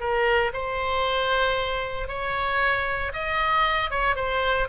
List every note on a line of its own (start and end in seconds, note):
0.00 0.52 A#4
0.53 2.08 C5
2.08 3.12 C#5
3.13 3.90 D#5
3.90 4.16 C#5
4.16 4.68 C5